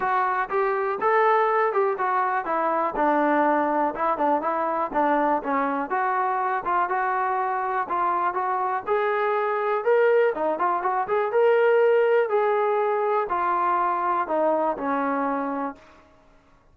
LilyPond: \new Staff \with { instrumentName = "trombone" } { \time 4/4 \tempo 4 = 122 fis'4 g'4 a'4. g'8 | fis'4 e'4 d'2 | e'8 d'8 e'4 d'4 cis'4 | fis'4. f'8 fis'2 |
f'4 fis'4 gis'2 | ais'4 dis'8 f'8 fis'8 gis'8 ais'4~ | ais'4 gis'2 f'4~ | f'4 dis'4 cis'2 | }